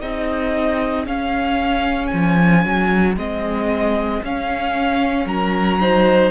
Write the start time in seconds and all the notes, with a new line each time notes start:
0.00 C4 D#4 G#4 D#5
1.06 C#4 F5
2.07 F3 G#5
2.66 F#3
3.17 G#3 C4 D#5
4.23 C#4 F5
5.25 F#3 A#4 A#5
5.81 D#4 C5